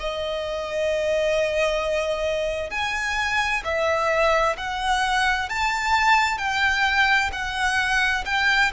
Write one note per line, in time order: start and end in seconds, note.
0.00 2.71 D#5
2.71 3.63 G#5
3.65 4.57 E5
4.57 5.49 F#5
5.49 6.38 A5
6.38 7.30 G5
7.33 8.25 F#5
8.26 8.72 G5